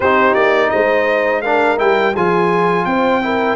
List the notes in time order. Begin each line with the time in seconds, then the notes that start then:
0.00 C4 D#4 G4 C5
0.34 A#3 D5
0.70 G#3 C5 D#5
1.41 D4 A#4 F5
1.77 G3 E4 G5
2.13 F3 F4 G#4 G#5
2.85 C4 C5 G5
3.22 E4 A#4